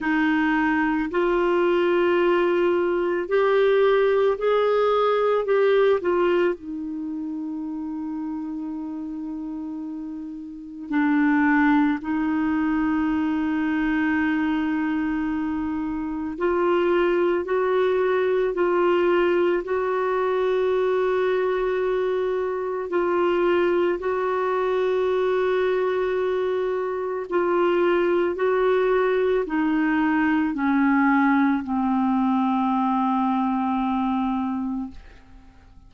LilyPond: \new Staff \with { instrumentName = "clarinet" } { \time 4/4 \tempo 4 = 55 dis'4 f'2 g'4 | gis'4 g'8 f'8 dis'2~ | dis'2 d'4 dis'4~ | dis'2. f'4 |
fis'4 f'4 fis'2~ | fis'4 f'4 fis'2~ | fis'4 f'4 fis'4 dis'4 | cis'4 c'2. | }